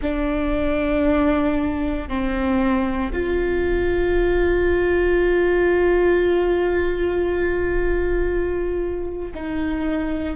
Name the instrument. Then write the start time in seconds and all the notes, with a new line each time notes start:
viola
0.01 D4
2.08 C4
3.12 F4
9.34 D#4